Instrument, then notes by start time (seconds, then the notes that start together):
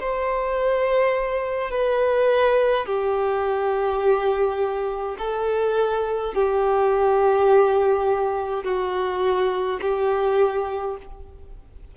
violin
0.00 C5
1.71 B4
2.85 G4
5.18 A4
6.34 G4
8.64 F#4
9.82 G4